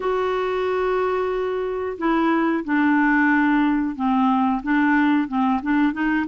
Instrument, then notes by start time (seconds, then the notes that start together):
clarinet
0.00 F#4
1.98 E4
2.64 D4
3.95 C4
4.62 D4
5.27 C4
5.62 D4
5.93 D#4